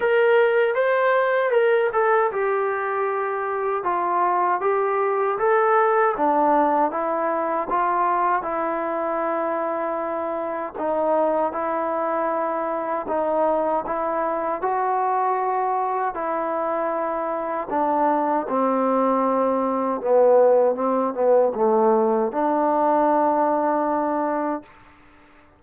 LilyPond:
\new Staff \with { instrumentName = "trombone" } { \time 4/4 \tempo 4 = 78 ais'4 c''4 ais'8 a'8 g'4~ | g'4 f'4 g'4 a'4 | d'4 e'4 f'4 e'4~ | e'2 dis'4 e'4~ |
e'4 dis'4 e'4 fis'4~ | fis'4 e'2 d'4 | c'2 b4 c'8 b8 | a4 d'2. | }